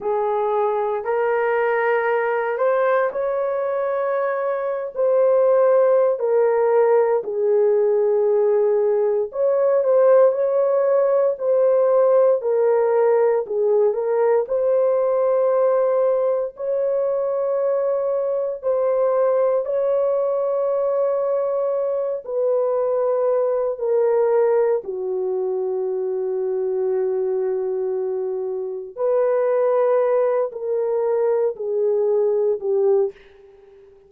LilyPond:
\new Staff \with { instrumentName = "horn" } { \time 4/4 \tempo 4 = 58 gis'4 ais'4. c''8 cis''4~ | cis''8. c''4~ c''16 ais'4 gis'4~ | gis'4 cis''8 c''8 cis''4 c''4 | ais'4 gis'8 ais'8 c''2 |
cis''2 c''4 cis''4~ | cis''4. b'4. ais'4 | fis'1 | b'4. ais'4 gis'4 g'8 | }